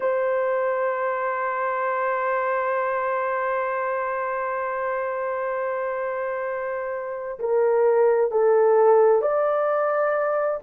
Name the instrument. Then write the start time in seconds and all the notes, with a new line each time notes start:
horn
0.00 C5
7.38 A#4
8.31 A4
9.21 D5